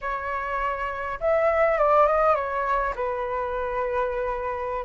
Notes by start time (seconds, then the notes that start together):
0.01 C#5
1.20 E5
1.78 D5
2.06 D#5
2.35 C#5
2.95 B4